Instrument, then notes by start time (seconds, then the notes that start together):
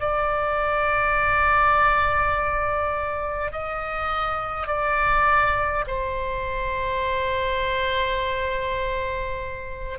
oboe
0.00 D5
3.52 D#5
4.67 D5
5.87 C5